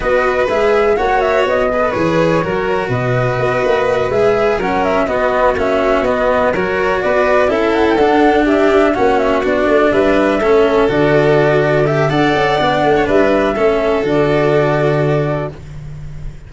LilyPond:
<<
  \new Staff \with { instrumentName = "flute" } { \time 4/4 \tempo 4 = 124 dis''4 e''4 fis''8 e''8 dis''4 | cis''2 dis''2~ | dis''8 e''4 fis''8 e''8 dis''4 e''8~ | e''8 dis''4 cis''4 d''4 e''8 |
fis''16 g''16 fis''4 e''4 fis''8 e''8 d''8~ | d''8 e''2 d''4.~ | d''8 e''8 fis''2 e''4~ | e''4 d''2. | }
  \new Staff \with { instrumentName = "violin" } { \time 4/4 b'2 cis''4. b'8~ | b'4 ais'4 b'2~ | b'4. ais'4 fis'4.~ | fis'4. ais'4 b'4 a'8~ |
a'4. g'4 fis'4.~ | fis'8 b'4 a'2~ a'8~ | a'4 d''4.~ d''16 cis''16 b'4 | a'1 | }
  \new Staff \with { instrumentName = "cello" } { \time 4/4 fis'4 gis'4 fis'4. gis'16 a'16 | gis'4 fis'2.~ | fis'8 gis'4 cis'4 b4 cis'8~ | cis'8 b4 fis'2 e'8~ |
e'8 d'2 cis'4 d'8~ | d'4. cis'4 fis'4.~ | fis'8 g'8 a'4 d'2 | cis'4 fis'2. | }
  \new Staff \with { instrumentName = "tuba" } { \time 4/4 b4 gis4 ais4 b4 | e4 fis4 b,4 b8 ais8~ | ais8 gis4 fis4 b4 ais8~ | ais8 b4 fis4 b4 cis'8~ |
cis'8 d'2 ais4 b8 | a8 g4 a4 d4.~ | d4 d'8 cis'8 b8 a8 g4 | a4 d2. | }
>>